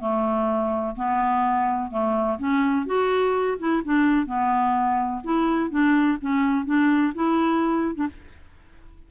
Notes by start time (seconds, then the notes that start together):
0.00 A3
0.96 B3
1.90 A3
2.39 C#4
2.86 F#4
3.58 E4
3.84 D4
4.26 B3
5.24 E4
5.70 D4
6.21 C#4
6.66 D4
7.15 E4
7.95 D4